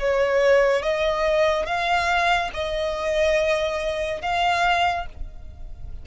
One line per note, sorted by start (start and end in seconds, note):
0.00 0.83 C#5
0.83 1.66 D#5
1.66 2.51 F5
2.54 4.22 D#5
4.22 5.06 F5